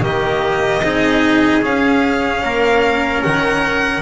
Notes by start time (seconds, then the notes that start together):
0.00 D#3 A#3 G4 D#5
0.82 C4 D#4 G#4
1.61 C#4 F5
2.43 A#3 A#4
3.22 D#3 F#5